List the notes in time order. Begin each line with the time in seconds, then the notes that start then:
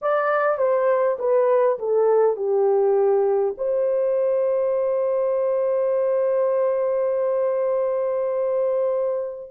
0.01 D5
0.57 C5
1.19 B4
1.78 A4
2.36 G4
3.57 C5